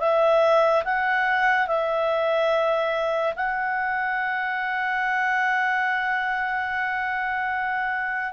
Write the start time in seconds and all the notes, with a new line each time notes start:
0.00 E5
0.85 F#5
1.68 E5
3.36 F#5